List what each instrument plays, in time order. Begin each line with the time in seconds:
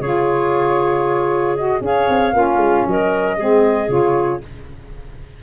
0.00 tuba C#3, saxophone F4, clarinet G#4, flute C#5
1.56 saxophone F#4, flute D#5
1.80 tuba C#4, saxophone G#4, clarinet C#5, flute F5
2.09 tuba C4
2.33 tuba A#3, saxophone C#4, clarinet F4
2.56 tuba G#3
2.86 tuba F#3, clarinet A#4, flute D#5
3.37 tuba G#3, saxophone C4, clarinet G#4
3.88 tuba C#3, saxophone F4, flute C#5